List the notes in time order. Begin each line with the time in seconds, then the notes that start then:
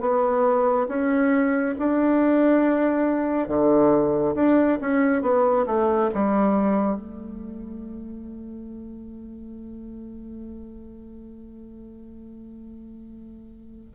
0.00 B3
0.88 C#4
1.79 D4
3.48 D3
4.35 D4
4.81 C#4
5.22 B3
5.66 A3
6.14 G3
6.96 A3